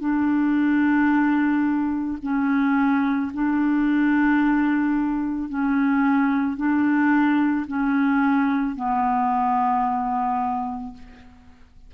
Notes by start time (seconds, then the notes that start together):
0.00 D4
2.23 C#4
3.34 D4
5.49 C#4
6.57 D4
7.67 C#4
8.76 B3